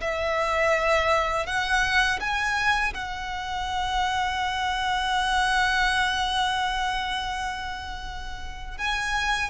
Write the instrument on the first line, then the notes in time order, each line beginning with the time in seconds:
violin
0.00 E5
1.46 F#5
2.20 G#5
2.93 F#5
8.77 G#5